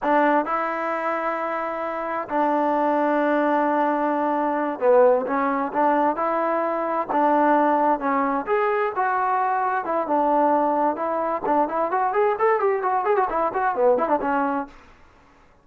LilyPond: \new Staff \with { instrumentName = "trombone" } { \time 4/4 \tempo 4 = 131 d'4 e'2.~ | e'4 d'2.~ | d'2~ d'8 b4 cis'8~ | cis'8 d'4 e'2 d'8~ |
d'4. cis'4 gis'4 fis'8~ | fis'4. e'8 d'2 | e'4 d'8 e'8 fis'8 gis'8 a'8 g'8 | fis'8 gis'16 fis'16 e'8 fis'8 b8 e'16 d'16 cis'4 | }